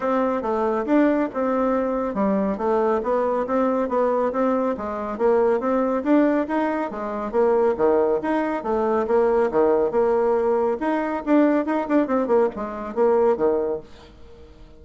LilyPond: \new Staff \with { instrumentName = "bassoon" } { \time 4/4 \tempo 4 = 139 c'4 a4 d'4 c'4~ | c'4 g4 a4 b4 | c'4 b4 c'4 gis4 | ais4 c'4 d'4 dis'4 |
gis4 ais4 dis4 dis'4 | a4 ais4 dis4 ais4~ | ais4 dis'4 d'4 dis'8 d'8 | c'8 ais8 gis4 ais4 dis4 | }